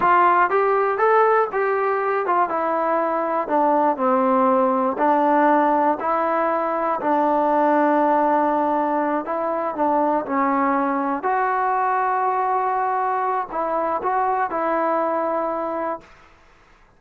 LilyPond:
\new Staff \with { instrumentName = "trombone" } { \time 4/4 \tempo 4 = 120 f'4 g'4 a'4 g'4~ | g'8 f'8 e'2 d'4 | c'2 d'2 | e'2 d'2~ |
d'2~ d'8 e'4 d'8~ | d'8 cis'2 fis'4.~ | fis'2. e'4 | fis'4 e'2. | }